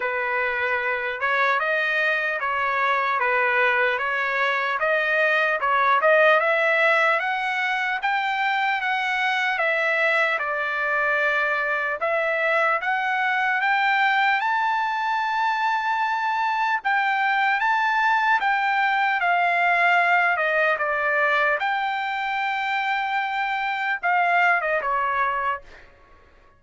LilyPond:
\new Staff \with { instrumentName = "trumpet" } { \time 4/4 \tempo 4 = 75 b'4. cis''8 dis''4 cis''4 | b'4 cis''4 dis''4 cis''8 dis''8 | e''4 fis''4 g''4 fis''4 | e''4 d''2 e''4 |
fis''4 g''4 a''2~ | a''4 g''4 a''4 g''4 | f''4. dis''8 d''4 g''4~ | g''2 f''8. dis''16 cis''4 | }